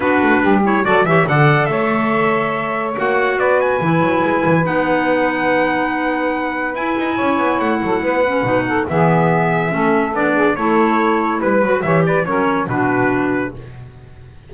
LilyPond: <<
  \new Staff \with { instrumentName = "trumpet" } { \time 4/4 \tempo 4 = 142 b'4. cis''8 d''8 e''8 fis''4 | e''2. fis''4 | d''8 gis''2~ gis''8 fis''4~ | fis''1 |
gis''2 fis''2~ | fis''4 e''2. | d''4 cis''2 b'4 | e''8 d''8 cis''4 b'2 | }
  \new Staff \with { instrumentName = "saxophone" } { \time 4/4 fis'4 g'4 a'8 cis''8 d''4 | cis''1 | b'1~ | b'1~ |
b'4 cis''4. a'8 b'4~ | b'8 a'8 gis'2 a'4~ | a'8 gis'8 a'2 b'4 | cis''8 b'8 ais'4 fis'2 | }
  \new Staff \with { instrumentName = "clarinet" } { \time 4/4 d'4. e'8 fis'8 g'8 a'4~ | a'2. fis'4~ | fis'4 e'2 dis'4~ | dis'1 |
e'2.~ e'8 cis'8 | dis'4 b2 cis'4 | d'4 e'2~ e'8 fis'8 | g'4 cis'4 d'2 | }
  \new Staff \with { instrumentName = "double bass" } { \time 4/4 b8 a8 g4 fis8 e8 d4 | a2. ais4 | b4 e8 fis8 gis8 e8 b4~ | b1 |
e'8 dis'8 cis'8 b8 a8 fis8 b4 | b,4 e2 a4 | b4 a2 g8 fis8 | e4 fis4 b,2 | }
>>